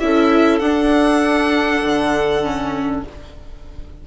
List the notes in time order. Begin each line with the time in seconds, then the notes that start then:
0.00 C#4 E4 A4 E5
0.59 D4 F#5
1.82 D3
2.43 C#4